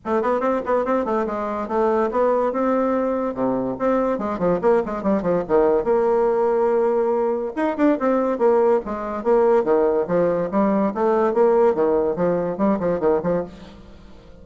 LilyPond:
\new Staff \with { instrumentName = "bassoon" } { \time 4/4 \tempo 4 = 143 a8 b8 c'8 b8 c'8 a8 gis4 | a4 b4 c'2 | c4 c'4 gis8 f8 ais8 gis8 | g8 f8 dis4 ais2~ |
ais2 dis'8 d'8 c'4 | ais4 gis4 ais4 dis4 | f4 g4 a4 ais4 | dis4 f4 g8 f8 dis8 f8 | }